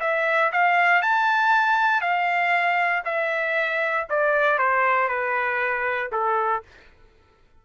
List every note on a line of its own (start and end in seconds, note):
0.00 0.51 E5
0.52 1.02 F5
1.02 2.01 A5
2.01 3.03 F5
3.05 4.06 E5
4.09 4.58 D5
4.58 5.08 C5
5.08 6.10 B4
6.12 6.63 A4